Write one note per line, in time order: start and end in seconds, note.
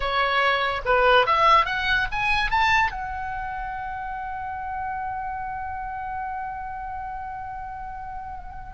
0.00 0.81 C#5
0.85 1.26 B4
1.26 1.65 E5
1.65 2.07 F#5
2.11 2.50 G#5
2.50 2.91 A5
2.91 8.73 F#5